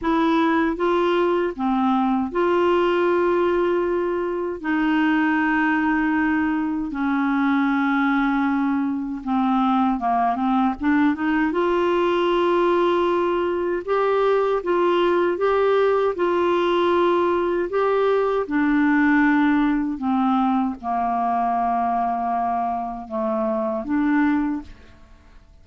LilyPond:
\new Staff \with { instrumentName = "clarinet" } { \time 4/4 \tempo 4 = 78 e'4 f'4 c'4 f'4~ | f'2 dis'2~ | dis'4 cis'2. | c'4 ais8 c'8 d'8 dis'8 f'4~ |
f'2 g'4 f'4 | g'4 f'2 g'4 | d'2 c'4 ais4~ | ais2 a4 d'4 | }